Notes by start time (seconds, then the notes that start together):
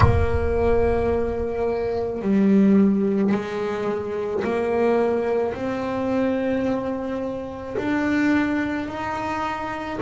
0.00 A#3
2.21 G3
3.32 G#3
4.44 A#3
5.54 C4
7.77 D4
8.88 D#4